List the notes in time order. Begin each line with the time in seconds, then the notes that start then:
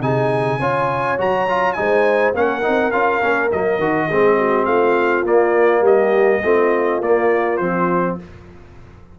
0.00 C3 D#4 G#4 G#5
0.59 C#4 F4 C#5
1.17 F#3 F#4 A#5
1.48 F4
1.72 G#3 D#4 G#5
1.79 C5
2.33 A#3 C#4 A#4 F#5
2.61 C4 D#4
2.91 C#4 F4 F5
3.21 A#3 C#4
3.51 F#3 A#3 D#5
3.78 D#3 F#4
4.07 G#3 C4 G#4
4.38 F#4
4.65 A3 F4 F5
5.23 A#3 D5
5.81 G3 G4 D#5
6.43 A3 C4 F4
7.01 A#3 D5
7.57 F3 C4 C5